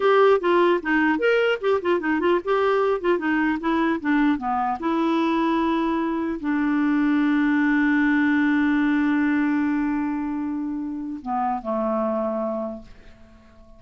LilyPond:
\new Staff \with { instrumentName = "clarinet" } { \time 4/4 \tempo 4 = 150 g'4 f'4 dis'4 ais'4 | g'8 f'8 dis'8 f'8 g'4. f'8 | dis'4 e'4 d'4 b4 | e'1 |
d'1~ | d'1~ | d'1 | b4 a2. | }